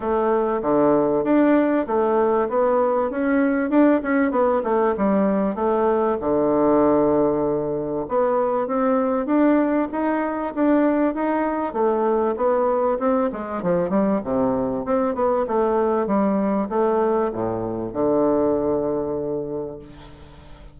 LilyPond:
\new Staff \with { instrumentName = "bassoon" } { \time 4/4 \tempo 4 = 97 a4 d4 d'4 a4 | b4 cis'4 d'8 cis'8 b8 a8 | g4 a4 d2~ | d4 b4 c'4 d'4 |
dis'4 d'4 dis'4 a4 | b4 c'8 gis8 f8 g8 c4 | c'8 b8 a4 g4 a4 | a,4 d2. | }